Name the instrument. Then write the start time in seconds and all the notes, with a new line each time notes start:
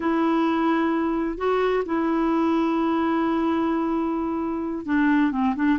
clarinet
0.00 E4
1.37 F#4
1.85 E4
4.85 D4
5.31 C4
5.55 D4